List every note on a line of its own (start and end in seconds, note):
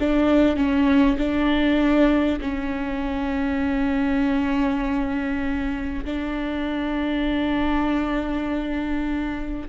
0.00 0.57 D4
0.57 1.18 C#4
1.19 2.40 D4
2.41 6.05 C#4
6.05 9.69 D4